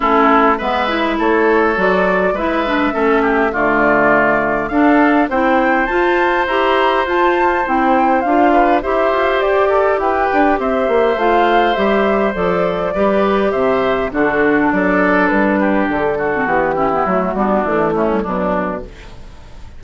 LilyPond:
<<
  \new Staff \with { instrumentName = "flute" } { \time 4/4 \tempo 4 = 102 a'4 e''4 cis''4 d''4 | e''2 d''2 | f''4 g''4 a''4 ais''4 | a''4 g''4 f''4 e''4 |
d''4 g''4 e''4 f''4 | e''4 d''2 e''4 | a'4 d''4 b'4 a'4 | g'4 fis'4 e'4 d'4 | }
  \new Staff \with { instrumentName = "oboe" } { \time 4/4 e'4 b'4 a'2 | b'4 a'8 g'8 f'2 | a'4 c''2.~ | c''2~ c''8 b'8 c''4~ |
c''8 a'8 b'4 c''2~ | c''2 b'4 c''4 | fis'4 a'4. g'4 fis'8~ | fis'8 e'4 d'4 cis'8 d'4 | }
  \new Staff \with { instrumentName = "clarinet" } { \time 4/4 cis'4 b8 e'4. fis'4 | e'8 d'8 cis'4 a2 | d'4 e'4 f'4 g'4 | f'4 e'4 f'4 g'4~ |
g'2. f'4 | g'4 a'4 g'2 | d'2.~ d'8. c'16 | b8 cis'16 b16 a8 b8 e8 a16 g16 fis4 | }
  \new Staff \with { instrumentName = "bassoon" } { \time 4/4 a4 gis4 a4 fis4 | gis4 a4 d2 | d'4 c'4 f'4 e'4 | f'4 c'4 d'4 e'8 f'8 |
g'4 e'8 d'8 c'8 ais8 a4 | g4 f4 g4 c4 | d4 fis4 g4 d4 | e4 fis8 g8 a4 b,4 | }
>>